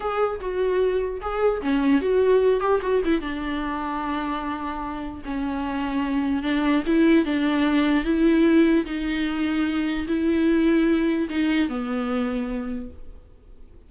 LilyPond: \new Staff \with { instrumentName = "viola" } { \time 4/4 \tempo 4 = 149 gis'4 fis'2 gis'4 | cis'4 fis'4. g'8 fis'8 e'8 | d'1~ | d'4 cis'2. |
d'4 e'4 d'2 | e'2 dis'2~ | dis'4 e'2. | dis'4 b2. | }